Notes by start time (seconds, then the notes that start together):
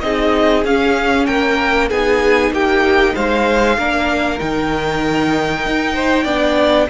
0.00 C4 D#4 G#4 D#5
0.64 C#4 F5
1.26 A#3 A#4 G5
1.89 B3 D#4 G#4 G#5
2.50 A#3 G4 G5
3.14 G#3 C5 F5
3.77 A#3 D4 A#4
4.38 D#3 D#4 G5
5.66 D#4
5.94 C5
6.23 B3 D4 D5